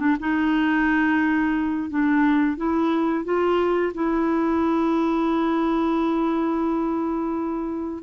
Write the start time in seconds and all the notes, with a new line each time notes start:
0.00 D4
0.20 D#4
1.90 D4
2.58 E4
3.25 F4
3.95 E4